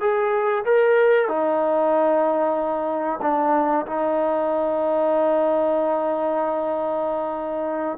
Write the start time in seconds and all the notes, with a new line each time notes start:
0.00 G#4
0.65 A#4
1.28 D#4
3.21 D4
3.86 D#4